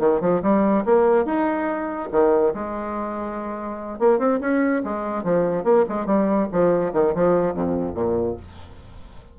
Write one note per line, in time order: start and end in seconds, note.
0.00 0.21 D#3
0.21 0.42 F3
0.43 0.85 G3
0.86 1.25 A#3
1.25 2.09 D#4
2.12 2.54 D#3
2.54 4.00 G#3
4.00 4.19 A#3
4.19 4.40 C4
4.41 4.83 C#4
4.84 5.24 G#3
5.24 5.64 F3
5.64 5.85 A#3
5.89 6.06 G#3
6.06 6.48 G3
6.52 6.93 F3
6.93 7.14 D#3
7.15 7.54 F3
7.54 7.95 F2
7.95 8.36 A#2